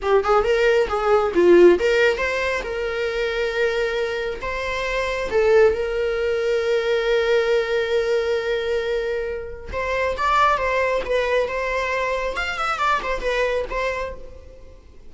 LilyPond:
\new Staff \with { instrumentName = "viola" } { \time 4/4 \tempo 4 = 136 g'8 gis'8 ais'4 gis'4 f'4 | ais'4 c''4 ais'2~ | ais'2 c''2 | a'4 ais'2.~ |
ais'1~ | ais'2 c''4 d''4 | c''4 b'4 c''2 | f''8 e''8 d''8 c''8 b'4 c''4 | }